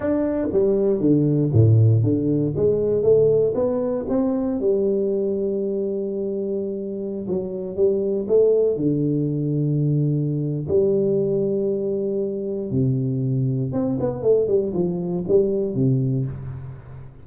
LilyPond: \new Staff \with { instrumentName = "tuba" } { \time 4/4 \tempo 4 = 118 d'4 g4 d4 a,4 | d4 gis4 a4 b4 | c'4 g2.~ | g2~ g16 fis4 g8.~ |
g16 a4 d2~ d8.~ | d4 g2.~ | g4 c2 c'8 b8 | a8 g8 f4 g4 c4 | }